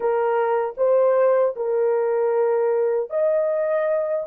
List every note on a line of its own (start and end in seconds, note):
0.00 0.74 A#4
0.77 1.55 C5
1.56 3.10 A#4
3.10 4.26 D#5